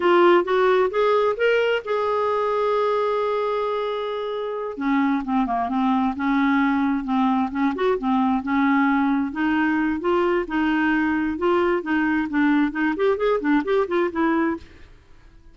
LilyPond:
\new Staff \with { instrumentName = "clarinet" } { \time 4/4 \tempo 4 = 132 f'4 fis'4 gis'4 ais'4 | gis'1~ | gis'2~ gis'8 cis'4 c'8 | ais8 c'4 cis'2 c'8~ |
c'8 cis'8 fis'8 c'4 cis'4.~ | cis'8 dis'4. f'4 dis'4~ | dis'4 f'4 dis'4 d'4 | dis'8 g'8 gis'8 d'8 g'8 f'8 e'4 | }